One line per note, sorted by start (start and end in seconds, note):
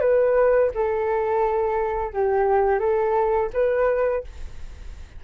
0.00 0.71 B4
0.74 2.13 A4
2.13 2.79 G4
2.79 3.50 A4
3.53 4.24 B4